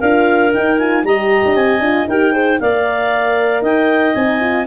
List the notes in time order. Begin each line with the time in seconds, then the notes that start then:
0.00 D4 F4 A#4 F5
0.52 D#4 G5
0.79 F4 G#5
1.03 G3 G4 D#5 A#5
1.45 D4
1.55 C4 G#5
1.79 D4 F4
2.08 D#4 G4 A#4 G5
2.32 G#4 C5
2.60 A#3 A#4 D5 F5
3.62 D#4 D#5 G5
4.14 C4 D#4 G#5
4.40 F4